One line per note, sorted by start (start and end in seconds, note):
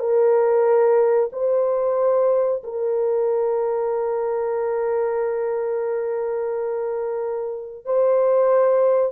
0.00 1.30 A#4
1.33 2.63 C5
2.64 7.86 A#4
7.86 9.13 C5